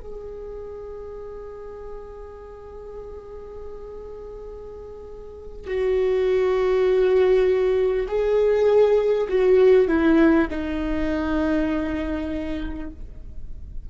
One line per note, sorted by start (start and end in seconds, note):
0.00 5.67 G#4
5.67 8.07 F#4
8.08 9.28 G#4
9.29 9.88 F#4
9.88 10.48 E4
10.50 12.90 D#4